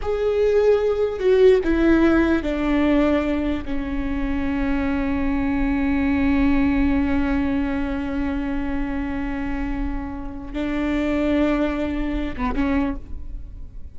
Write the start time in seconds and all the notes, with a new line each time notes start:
0.02 G#4
1.19 F#4
1.64 E4
2.42 D4
3.65 C#4
10.53 D4
12.36 B3
12.55 C#4